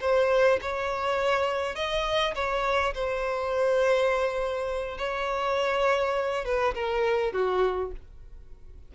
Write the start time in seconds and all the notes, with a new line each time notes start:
0.00 C5
0.61 C#5
1.75 D#5
2.34 C#5
2.94 C5
4.98 C#5
6.45 B4
6.74 A#4
7.32 F#4